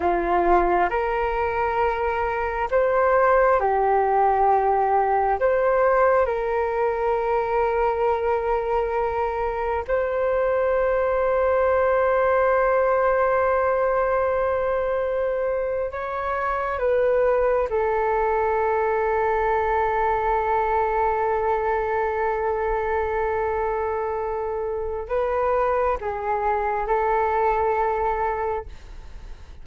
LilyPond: \new Staff \with { instrumentName = "flute" } { \time 4/4 \tempo 4 = 67 f'4 ais'2 c''4 | g'2 c''4 ais'4~ | ais'2. c''4~ | c''1~ |
c''4.~ c''16 cis''4 b'4 a'16~ | a'1~ | a'1 | b'4 gis'4 a'2 | }